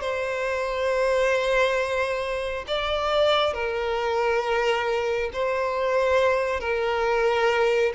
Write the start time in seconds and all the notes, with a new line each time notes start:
0.00 C5
2.67 D5
3.53 A#4
5.33 C5
6.60 A#4